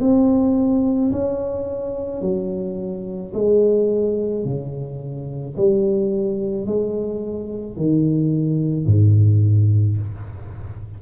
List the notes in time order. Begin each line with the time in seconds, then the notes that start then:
0.00 C4
1.12 C#4
2.21 F#3
3.34 G#3
4.44 C#3
5.57 G3
6.66 G#3
7.77 D#3
8.86 G#2